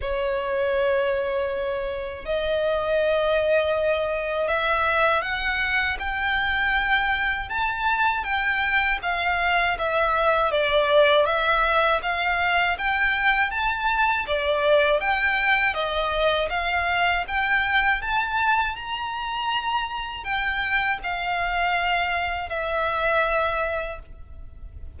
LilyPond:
\new Staff \with { instrumentName = "violin" } { \time 4/4 \tempo 4 = 80 cis''2. dis''4~ | dis''2 e''4 fis''4 | g''2 a''4 g''4 | f''4 e''4 d''4 e''4 |
f''4 g''4 a''4 d''4 | g''4 dis''4 f''4 g''4 | a''4 ais''2 g''4 | f''2 e''2 | }